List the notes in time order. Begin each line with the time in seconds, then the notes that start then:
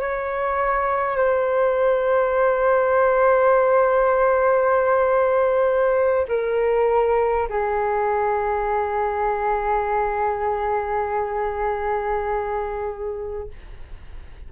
0.00 C#5
1.17 C5
6.28 A#4
7.49 G#4